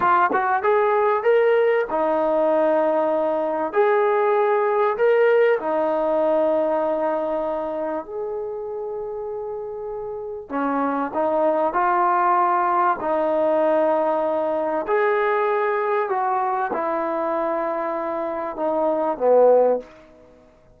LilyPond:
\new Staff \with { instrumentName = "trombone" } { \time 4/4 \tempo 4 = 97 f'8 fis'8 gis'4 ais'4 dis'4~ | dis'2 gis'2 | ais'4 dis'2.~ | dis'4 gis'2.~ |
gis'4 cis'4 dis'4 f'4~ | f'4 dis'2. | gis'2 fis'4 e'4~ | e'2 dis'4 b4 | }